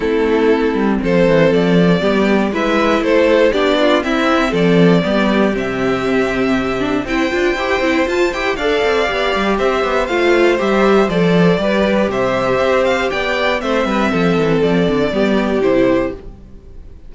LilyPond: <<
  \new Staff \with { instrumentName = "violin" } { \time 4/4 \tempo 4 = 119 a'2 c''4 d''4~ | d''4 e''4 c''4 d''4 | e''4 d''2 e''4~ | e''2 g''2 |
a''8 g''8 f''2 e''4 | f''4 e''4 d''2 | e''4. f''8 g''4 e''4~ | e''4 d''2 c''4 | }
  \new Staff \with { instrumentName = "violin" } { \time 4/4 e'2 a'2 | g'4 b'4 a'4 g'8 f'8 | e'4 a'4 g'2~ | g'2 c''2~ |
c''4 d''2 c''4~ | c''2. b'4 | c''2 d''4 c''8 b'8 | a'2 g'2 | }
  \new Staff \with { instrumentName = "viola" } { \time 4/4 c'1 | b4 e'2 d'4 | c'2 b4 c'4~ | c'4. d'8 e'8 f'8 g'8 e'8 |
f'8 g'8 a'4 g'2 | f'4 g'4 a'4 g'4~ | g'2. c'4~ | c'2 b4 e'4 | }
  \new Staff \with { instrumentName = "cello" } { \time 4/4 a4. g8 f8 e8 f4 | g4 gis4 a4 b4 | c'4 f4 g4 c4~ | c2 c'8 d'8 e'8 c'8 |
f'8 e'8 d'8 c'8 b8 g8 c'8 b8 | a4 g4 f4 g4 | c4 c'4 b4 a8 g8 | f8 e8 f8 d8 g4 c4 | }
>>